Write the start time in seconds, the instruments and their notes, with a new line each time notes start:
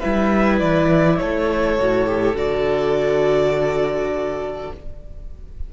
0.00 cello G3, viola E4, violin B4 E5
0.60 cello E3, violin D5
1.18 cello A3, violin A4 C#5
1.79 cello A2, viola F#4
2.07 viola G4
2.35 cello D3, viola F#4, violin D5